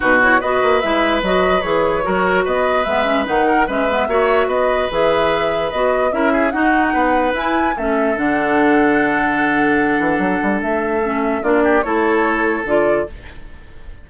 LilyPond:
<<
  \new Staff \with { instrumentName = "flute" } { \time 4/4 \tempo 4 = 147 b'8 cis''8 dis''4 e''4 dis''4 | cis''2 dis''4 e''4 | fis''4 e''2 dis''4 | e''2 dis''4 e''4 |
fis''2 gis''4 e''4 | fis''1~ | fis''2 e''2 | d''4 cis''2 d''4 | }
  \new Staff \with { instrumentName = "oboe" } { \time 4/4 fis'4 b'2.~ | b'4 ais'4 b'2~ | b'8 ais'8 b'4 cis''4 b'4~ | b'2. ais'8 gis'8 |
fis'4 b'2 a'4~ | a'1~ | a'1 | f'8 g'8 a'2. | }
  \new Staff \with { instrumentName = "clarinet" } { \time 4/4 dis'8 e'8 fis'4 e'4 fis'4 | gis'4 fis'2 b8 cis'8 | dis'4 cis'8 b8 fis'2 | gis'2 fis'4 e'4 |
dis'2 e'4 cis'4 | d'1~ | d'2. cis'4 | d'4 e'2 f'4 | }
  \new Staff \with { instrumentName = "bassoon" } { \time 4/4 b,4 b8 ais8 gis4 fis4 | e4 fis4 b4 gis4 | dis4 gis4 ais4 b4 | e2 b4 cis'4 |
dis'4 b4 e'4 a4 | d1~ | d8 e8 fis8 g8 a2 | ais4 a2 d4 | }
>>